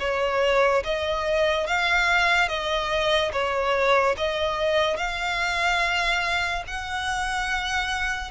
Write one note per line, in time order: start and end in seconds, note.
0.00 0.83 C#5
0.84 1.67 D#5
1.67 2.48 F5
2.48 3.32 D#5
3.33 4.16 C#5
4.17 4.97 D#5
4.97 6.64 F5
6.67 8.31 F#5